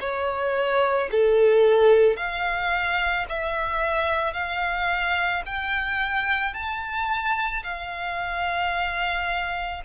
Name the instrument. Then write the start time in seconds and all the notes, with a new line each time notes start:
violin
0.00 C#5
1.11 A4
2.16 F5
3.28 E5
4.33 F5
5.45 G5
6.54 A5
7.63 F5